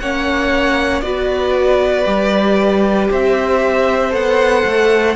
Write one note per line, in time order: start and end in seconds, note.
0.00 1.02 A#3
0.00 1.03 C#4
0.00 1.04 C#5
0.00 1.01 F#5
1.01 2.05 B3
1.01 2.05 F#4
1.01 3.11 B4
1.01 3.08 D5
2.05 3.10 G3
2.05 4.11 G4
3.11 4.13 C4
3.11 5.16 C5
3.11 4.14 E5
4.11 4.65 B3
4.11 5.14 A4
4.11 5.16 F#5
4.65 5.16 A3